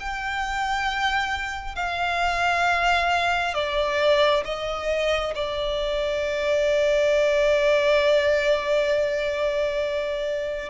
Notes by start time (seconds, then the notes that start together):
0.00 G5
1.75 F5
3.55 D5
4.45 D#5
5.35 D5